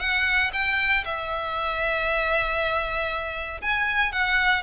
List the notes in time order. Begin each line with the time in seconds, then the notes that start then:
0.00 F#5
0.53 G5
1.05 E5
3.62 G#5
4.13 F#5